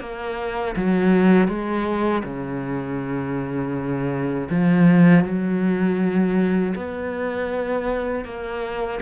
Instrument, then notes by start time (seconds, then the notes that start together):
cello
0.00 A#3
0.76 F#3
1.48 G#3
2.23 C#3
4.50 F3
5.24 F#3
6.75 B3
8.25 A#3